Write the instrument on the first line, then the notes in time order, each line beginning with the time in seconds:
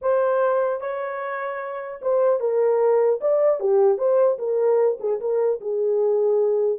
horn
0.01 C5
0.81 C#5
2.01 C5
2.40 A#4
3.20 D5
3.60 G4
3.98 C5
4.38 A#4
5.00 G#4
5.20 A#4
5.60 G#4